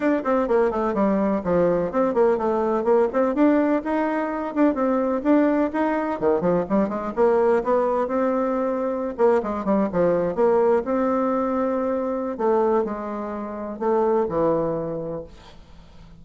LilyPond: \new Staff \with { instrumentName = "bassoon" } { \time 4/4 \tempo 4 = 126 d'8 c'8 ais8 a8 g4 f4 | c'8 ais8 a4 ais8 c'8 d'4 | dis'4. d'8 c'4 d'4 | dis'4 dis8 f8 g8 gis8 ais4 |
b4 c'2~ c'16 ais8 gis16~ | gis16 g8 f4 ais4 c'4~ c'16~ | c'2 a4 gis4~ | gis4 a4 e2 | }